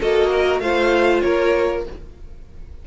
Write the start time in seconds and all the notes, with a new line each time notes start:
0.00 A#3 F#4 A4 D#5
0.31 A#4
0.61 A3 F4 C5 F5
1.22 A#3 A#4 C#5